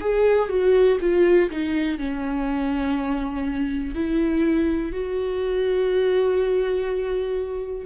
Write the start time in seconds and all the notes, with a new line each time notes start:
0.00 G#4
0.49 F#4
1.00 F4
1.50 D#4
1.98 C#4
3.94 E4
4.92 F#4